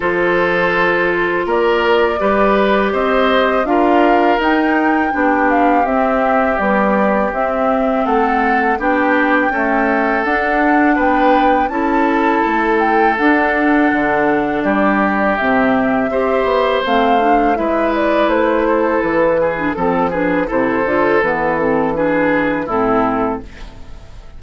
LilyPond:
<<
  \new Staff \with { instrumentName = "flute" } { \time 4/4 \tempo 4 = 82 c''2 d''2 | dis''4 f''4 g''4. f''8 | e''4 d''4 e''4 fis''4 | g''2 fis''4 g''4 |
a''4. g''8 fis''2 | d''4 e''2 f''4 | e''8 d''8 c''4 b'4 a'8 b'8 | c''4 b'8 a'8 b'4 a'4 | }
  \new Staff \with { instrumentName = "oboe" } { \time 4/4 a'2 ais'4 b'4 | c''4 ais'2 g'4~ | g'2. a'4 | g'4 a'2 b'4 |
a'1 | g'2 c''2 | b'4. a'4 gis'8 a'8 gis'8 | a'2 gis'4 e'4 | }
  \new Staff \with { instrumentName = "clarinet" } { \time 4/4 f'2. g'4~ | g'4 f'4 dis'4 d'4 | c'4 g4 c'2 | d'4 a4 d'2 |
e'2 d'2~ | d'4 c'4 g'4 c'8 d'8 | e'2~ e'8. d'16 c'8 d'8 | e'8 f'8 b8 c'8 d'4 c'4 | }
  \new Staff \with { instrumentName = "bassoon" } { \time 4/4 f2 ais4 g4 | c'4 d'4 dis'4 b4 | c'4 b4 c'4 a4 | b4 cis'4 d'4 b4 |
cis'4 a4 d'4 d4 | g4 c4 c'8 b8 a4 | gis4 a4 e4 f4 | c8 d8 e2 a,4 | }
>>